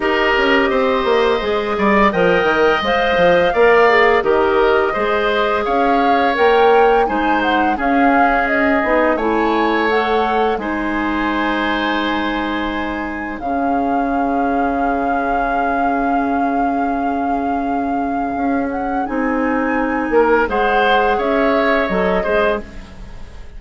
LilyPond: <<
  \new Staff \with { instrumentName = "flute" } { \time 4/4 \tempo 4 = 85 dis''2. g''4 | f''2 dis''2 | f''4 g''4 gis''8 fis''8 f''4 | dis''4 gis''4 fis''4 gis''4~ |
gis''2. f''4~ | f''1~ | f''2~ f''8 fis''8 gis''4~ | gis''4 fis''4 e''4 dis''4 | }
  \new Staff \with { instrumentName = "oboe" } { \time 4/4 ais'4 c''4. d''8 dis''4~ | dis''4 d''4 ais'4 c''4 | cis''2 c''4 gis'4~ | gis'4 cis''2 c''4~ |
c''2. gis'4~ | gis'1~ | gis'1~ | gis'8 ais'8 c''4 cis''4. c''8 | }
  \new Staff \with { instrumentName = "clarinet" } { \time 4/4 g'2 gis'4 ais'4 | c''4 ais'8 gis'8 g'4 gis'4~ | gis'4 ais'4 dis'4 cis'4~ | cis'8 dis'8 e'4 a'4 dis'4~ |
dis'2. cis'4~ | cis'1~ | cis'2. dis'4~ | dis'4 gis'2 a'8 gis'8 | }
  \new Staff \with { instrumentName = "bassoon" } { \time 4/4 dis'8 cis'8 c'8 ais8 gis8 g8 f8 dis8 | gis8 f8 ais4 dis4 gis4 | cis'4 ais4 gis4 cis'4~ | cis'8 b8 a2 gis4~ |
gis2. cis4~ | cis1~ | cis2 cis'4 c'4~ | c'8 ais8 gis4 cis'4 fis8 gis8 | }
>>